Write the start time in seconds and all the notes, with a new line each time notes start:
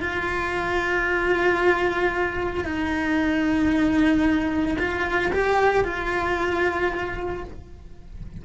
0.00 F4
2.65 D#4
4.78 F4
5.32 G4
5.84 F4